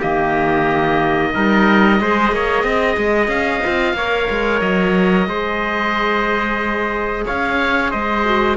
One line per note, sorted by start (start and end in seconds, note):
0.00 1.35 D#3
0.00 1.32 A#3
0.00 1.32 G4
0.00 3.29 D#5
1.35 2.01 G3
1.35 2.01 D#4
1.35 2.01 A#4
2.01 2.32 G#3
2.01 3.64 G#4
2.01 2.34 C5
2.32 2.64 A#3
2.32 2.63 C#5
2.63 2.97 C4
2.63 3.95 D#5
2.97 3.28 G#3
3.28 3.61 C#4
3.28 4.61 F5
3.64 3.94 C4
3.64 3.97 F4
3.94 4.27 A#3
3.94 5.29 A#4
3.94 5.29 C#5
4.30 4.62 G#3
4.61 5.27 F#3
4.61 7.25 D#5
5.27 7.25 G#3
5.27 8.25 G#4
5.27 7.26 C5
7.26 7.94 C#4
7.26 7.91 C#5
7.26 7.91 F5
7.91 8.57 G#3
7.91 8.57 C5
7.91 8.57 D#5
8.25 8.57 F#4